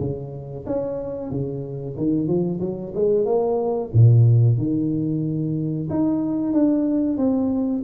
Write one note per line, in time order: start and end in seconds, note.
0.00 0.65 C#3
0.66 1.30 C#4
1.30 1.96 C#3
1.97 2.27 D#3
2.27 2.60 F3
2.60 2.93 F#3
2.94 3.25 G#3
3.25 3.91 A#3
3.93 4.58 A#2
4.58 5.88 D#3
5.90 6.53 D#4
6.53 7.17 D4
7.17 7.83 C4